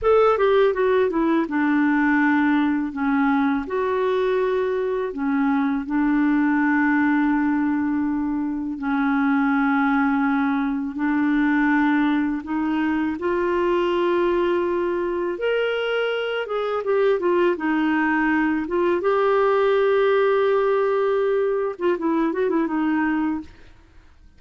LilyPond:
\new Staff \with { instrumentName = "clarinet" } { \time 4/4 \tempo 4 = 82 a'8 g'8 fis'8 e'8 d'2 | cis'4 fis'2 cis'4 | d'1 | cis'2. d'4~ |
d'4 dis'4 f'2~ | f'4 ais'4. gis'8 g'8 f'8 | dis'4. f'8 g'2~ | g'4.~ g'16 f'16 e'8 fis'16 e'16 dis'4 | }